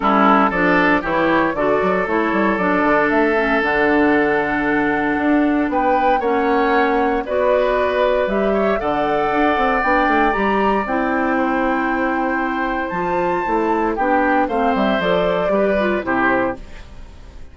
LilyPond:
<<
  \new Staff \with { instrumentName = "flute" } { \time 4/4 \tempo 4 = 116 a'4 d''4 cis''4 d''4 | cis''4 d''4 e''4 fis''4~ | fis''2. g''4 | fis''2 d''2 |
e''4 fis''2 g''4 | ais''4 g''2.~ | g''4 a''2 g''4 | f''8 e''8 d''2 c''4 | }
  \new Staff \with { instrumentName = "oboe" } { \time 4/4 e'4 a'4 g'4 a'4~ | a'1~ | a'2. b'4 | cis''2 b'2~ |
b'8 cis''8 d''2.~ | d''2 c''2~ | c''2. g'4 | c''2 b'4 g'4 | }
  \new Staff \with { instrumentName = "clarinet" } { \time 4/4 cis'4 d'4 e'4 fis'4 | e'4 d'4. cis'8 d'4~ | d'1 | cis'2 fis'2 |
g'4 a'2 d'4 | g'4 e'2.~ | e'4 f'4 e'4 d'4 | c'4 a'4 g'8 f'8 e'4 | }
  \new Staff \with { instrumentName = "bassoon" } { \time 4/4 g4 f4 e4 d8 fis8 | a8 g8 fis8 d8 a4 d4~ | d2 d'4 b4 | ais2 b2 |
g4 d4 d'8 c'8 b8 a8 | g4 c'2.~ | c'4 f4 a4 b4 | a8 g8 f4 g4 c4 | }
>>